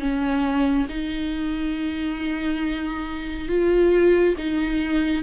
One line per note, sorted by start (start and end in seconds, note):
0.00 0.87 C#4
0.89 3.49 D#4
3.49 4.36 F4
4.38 5.23 D#4